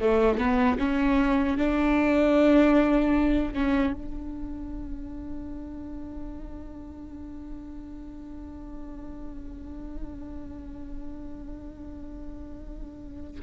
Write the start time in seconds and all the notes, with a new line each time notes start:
0.00 A3
0.38 B3
0.79 C#4
1.57 D4
3.53 C#4
3.93 D4